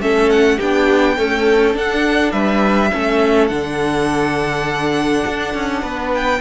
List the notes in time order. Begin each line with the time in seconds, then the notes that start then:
0.00 A3 C#4 A4 E5
0.31 F#5
0.57 B3 D4 G4 G5
1.17 A3 C#4 A4
1.74 D4 F#5
2.32 G3 B4 E5
2.92 A3 C#4 A4
3.48 D3 D4 F#5
5.27 D4
5.54 C#4
5.83 B3 B4
6.14 G5